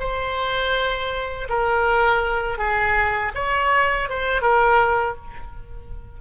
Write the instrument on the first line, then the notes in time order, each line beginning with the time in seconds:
oboe
0.00 C5
1.49 A#4
2.58 G#4
3.35 C#5
4.09 C5
4.41 A#4